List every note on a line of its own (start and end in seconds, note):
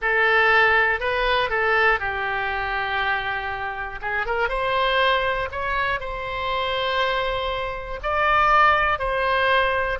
0.01 1.00 A4
1.00 1.49 B4
1.49 1.99 A4
1.99 3.99 G4
4.01 4.26 G#4
4.26 4.48 A#4
4.48 5.48 C5
5.51 6.00 C#5
6.00 8.00 C5
8.03 8.98 D5
8.98 9.98 C5